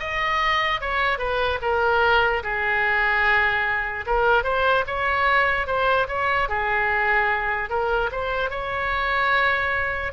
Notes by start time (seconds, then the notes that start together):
0.00 D#5
0.81 C#5
1.19 B4
1.62 A#4
2.44 G#4
4.07 A#4
4.44 C5
4.87 C#5
5.67 C5
6.08 C#5
6.49 G#4
7.70 A#4
8.12 C5
8.51 C#5